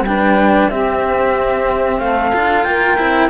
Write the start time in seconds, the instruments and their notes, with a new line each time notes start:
0.00 cello G3, flute G5
0.07 cello D4, saxophone B4
0.69 cello C4, saxophone G4, flute E5
1.99 cello A3, saxophone A4, flute F5
2.32 cello D4 F4
2.64 cello A#3, saxophone A#4, flute G5
2.97 cello C4 E4